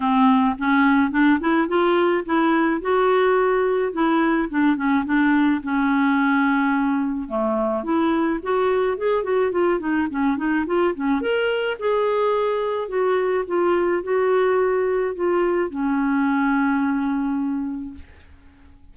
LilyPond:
\new Staff \with { instrumentName = "clarinet" } { \time 4/4 \tempo 4 = 107 c'4 cis'4 d'8 e'8 f'4 | e'4 fis'2 e'4 | d'8 cis'8 d'4 cis'2~ | cis'4 a4 e'4 fis'4 |
gis'8 fis'8 f'8 dis'8 cis'8 dis'8 f'8 cis'8 | ais'4 gis'2 fis'4 | f'4 fis'2 f'4 | cis'1 | }